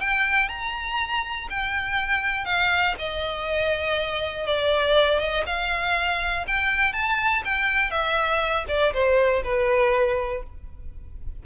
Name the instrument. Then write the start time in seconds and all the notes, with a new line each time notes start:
violin
0.00 G5
0.49 A#5
1.50 G5
2.45 F5
2.99 D#5
4.47 D5
5.19 D#5
5.46 F5
6.47 G5
6.93 A5
7.45 G5
7.91 E5
8.68 D5
8.93 C5
9.44 B4